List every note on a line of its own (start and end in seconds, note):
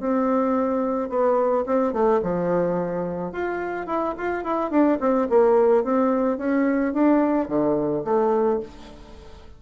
0.00 1.09 C4
1.09 1.65 B3
1.66 1.93 C4
1.93 2.21 A3
2.23 3.33 F3
3.33 3.87 F4
3.87 4.15 E4
4.18 4.44 F4
4.44 4.71 E4
4.71 4.98 D4
5.00 5.28 C4
5.30 5.84 A#3
5.84 6.38 C4
6.38 6.94 C#4
6.94 7.48 D4
7.48 8.04 D3
8.04 8.60 A3